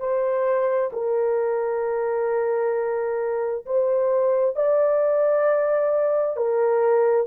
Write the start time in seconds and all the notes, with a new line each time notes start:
0.00 C5
0.93 A#4
3.66 C5
4.56 D5
6.37 A#4